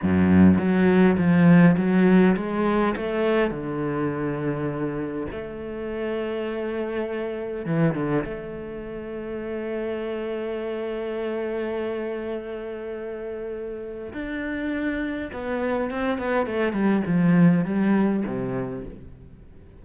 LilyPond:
\new Staff \with { instrumentName = "cello" } { \time 4/4 \tempo 4 = 102 fis,4 fis4 f4 fis4 | gis4 a4 d2~ | d4 a2.~ | a4 e8 d8 a2~ |
a1~ | a1 | d'2 b4 c'8 b8 | a8 g8 f4 g4 c4 | }